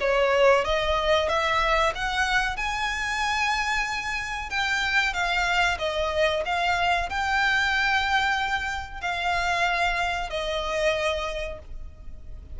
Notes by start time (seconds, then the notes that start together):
0.00 C#5
0.64 D#5
1.28 E5
1.95 F#5
2.56 G#5
4.49 G5
5.13 F5
5.78 D#5
6.45 F5
7.09 G5
9.01 F5
10.30 D#5